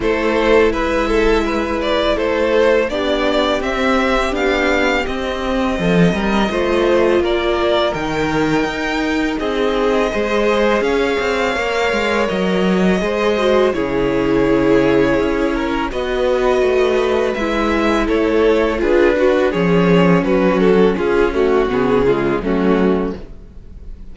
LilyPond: <<
  \new Staff \with { instrumentName = "violin" } { \time 4/4 \tempo 4 = 83 c''4 e''4. d''8 c''4 | d''4 e''4 f''4 dis''4~ | dis''2 d''4 g''4~ | g''4 dis''2 f''4~ |
f''4 dis''2 cis''4~ | cis''2 dis''2 | e''4 cis''4 b'4 cis''4 | b'8 a'8 gis'8 fis'8 gis'4 fis'4 | }
  \new Staff \with { instrumentName = "violin" } { \time 4/4 a'4 b'8 a'8 b'4 a'4 | g'1 | a'8 ais'8 c''4 ais'2~ | ais'4 gis'4 c''4 cis''4~ |
cis''2 c''4 gis'4~ | gis'4. ais'8 b'2~ | b'4 a'4 gis'8 fis'8 gis'4 | fis'4 f'8 fis'4 f'8 cis'4 | }
  \new Staff \with { instrumentName = "viola" } { \time 4/4 e'1 | d'4 c'4 d'4 c'4~ | c'4 f'2 dis'4~ | dis'2 gis'2 |
ais'2 gis'8 fis'8 e'4~ | e'2 fis'2 | e'2 f'8 fis'8 cis'4~ | cis'4. a8 b8 gis8 a4 | }
  \new Staff \with { instrumentName = "cello" } { \time 4/4 a4 gis2 a4 | b4 c'4 b4 c'4 | f8 g8 a4 ais4 dis4 | dis'4 c'4 gis4 cis'8 c'8 |
ais8 gis8 fis4 gis4 cis4~ | cis4 cis'4 b4 a4 | gis4 a4 d'4 f4 | fis4 cis'4 cis4 fis4 | }
>>